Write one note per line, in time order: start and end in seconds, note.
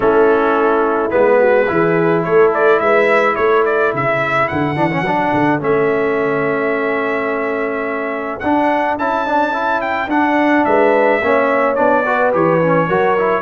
0.00 1.12 A3
0.00 1.10 C#4
0.00 1.39 E4
0.00 1.10 A4
1.10 1.69 G#3
1.10 1.66 B3
1.10 2.22 B4
1.39 1.67 F#4
1.68 2.25 E3
1.68 4.76 E4
1.68 2.25 G#4
2.23 2.80 A3
2.23 2.82 A4
2.23 2.51 C#5
2.54 2.79 D5
2.79 3.36 G#3
2.79 3.36 B4
2.79 3.35 E5
3.35 3.93 A3
3.35 10.65 A4
3.35 3.63 C#5
3.65 3.93 D5
3.93 4.49 C#3
3.93 4.47 E5
4.47 4.75 D3
4.47 5.60 F#5
4.75 5.01 E3
4.75 4.90 D4
4.90 5.04 C#4
5.01 5.29 F#3
5.01 5.60 D4
5.33 5.60 D3
5.60 8.41 A3
5.60 8.40 C#4
5.60 8.39 E5
8.39 8.97 D4
8.39 8.99 D4
8.39 8.95 F#5
8.97 10.07 C#4
8.97 9.25 E4
8.97 9.81 A5
9.25 9.52 D4
9.52 10.09 E4
9.81 10.09 G5
10.07 10.63 D4
10.07 11.21 D4
10.07 10.64 F#5
10.64 11.21 G#3
10.64 11.22 B4
10.64 11.75 E5
11.21 11.77 A#3
11.21 11.75 C#4
11.21 12.04 C#5
11.75 12.33 B3
11.75 12.03 D4
11.75 12.31 D5
12.04 12.32 F#4
12.04 12.87 B4
12.32 12.88 E3
12.32 12.60 G4
12.32 13.42 C#5
12.61 12.89 C#4
12.87 13.42 F#3
12.87 13.17 F#4
12.87 13.42 A#4
13.18 13.42 E4